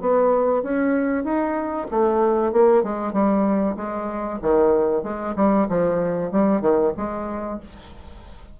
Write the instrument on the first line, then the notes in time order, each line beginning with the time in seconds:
bassoon
0.00 B3
0.62 C#4
1.24 D#4
1.90 A3
2.52 A#3
2.83 G#3
3.12 G3
3.76 G#3
4.41 D#3
5.03 G#3
5.35 G3
5.68 F3
6.31 G3
6.61 D#3
6.96 G#3